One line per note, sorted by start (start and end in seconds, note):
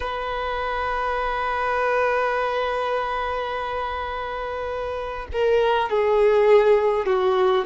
0.00 5.27 B4
5.32 5.89 A#4
5.89 7.06 G#4
7.06 7.65 F#4